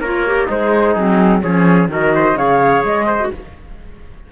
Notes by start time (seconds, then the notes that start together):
0.00 A#3 F4 A#4 C#5
0.26 G4
0.46 G#3 D#4 G#4 C5
0.93 F#3 C4 G#4
1.41 F3 C#4 G#4 C#5
1.88 D#3 F#4 A#4 D#5
2.15 C5
2.35 C#3 G#4 C#5 F5
2.84 G#3 D#5
3.06 C5
3.19 F#4